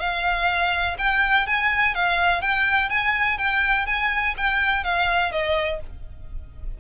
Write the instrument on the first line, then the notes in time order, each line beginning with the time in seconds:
violin
0.00 F5
0.99 G5
1.47 G#5
1.95 F5
2.42 G5
2.90 G#5
3.38 G5
3.86 G#5
4.37 G5
4.84 F5
5.32 D#5